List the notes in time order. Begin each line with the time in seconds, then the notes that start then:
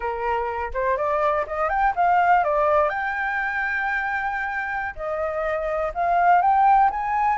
0.00 A#4
0.73 C5
0.97 D5
1.46 D#5
1.69 G5
1.95 F5
2.43 D5
2.89 G5
4.95 D#5
5.94 F5
6.41 G5
6.90 G#5